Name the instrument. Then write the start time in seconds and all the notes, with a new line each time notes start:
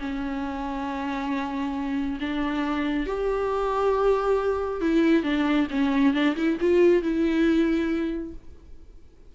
viola
0.00 C#4
2.20 D4
3.07 G4
4.81 E4
5.24 D4
5.71 C#4
6.14 D4
6.36 E4
6.61 F4
7.03 E4